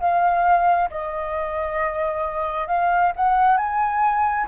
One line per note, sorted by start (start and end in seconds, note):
0.00 0.90 F5
0.90 2.68 D#5
2.68 3.13 F5
3.16 3.57 F#5
3.57 4.47 G#5